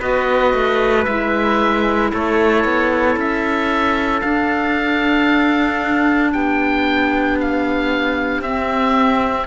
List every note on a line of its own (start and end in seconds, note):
0.00 0.54 B3
0.00 1.06 F#4
0.00 2.11 B4
0.00 1.05 D#5
0.54 1.06 A3
1.05 2.13 G#3
1.05 4.22 E4
1.05 2.10 E5
2.13 2.65 A3
2.13 6.33 A4
2.13 3.19 C#5
2.65 3.17 B3
3.17 4.22 C#4
3.17 4.21 E5
4.21 8.43 D4
4.21 6.34 D4
4.21 6.31 F5
6.33 8.41 B3
6.33 9.47 G4
6.33 7.38 G5
7.41 8.42 F5
8.41 9.47 C4
8.41 9.47 E5